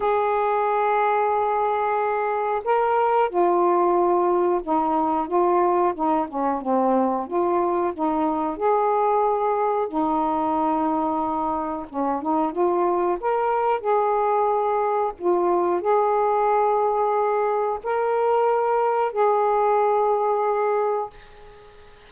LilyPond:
\new Staff \with { instrumentName = "saxophone" } { \time 4/4 \tempo 4 = 91 gis'1 | ais'4 f'2 dis'4 | f'4 dis'8 cis'8 c'4 f'4 | dis'4 gis'2 dis'4~ |
dis'2 cis'8 dis'8 f'4 | ais'4 gis'2 f'4 | gis'2. ais'4~ | ais'4 gis'2. | }